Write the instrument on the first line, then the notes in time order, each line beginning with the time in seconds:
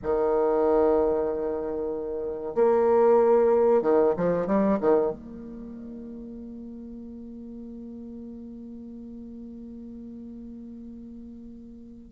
bassoon
0.03 D#3
2.54 A#3
3.82 D#3
4.16 F3
4.47 G3
4.80 D#3
5.11 A#3